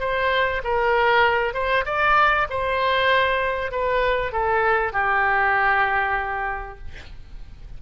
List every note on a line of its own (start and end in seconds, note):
0.00 0.62 C5
0.64 1.54 A#4
1.54 1.84 C5
1.85 2.47 D5
2.50 3.71 C5
3.71 4.32 B4
4.32 4.93 A4
4.93 6.78 G4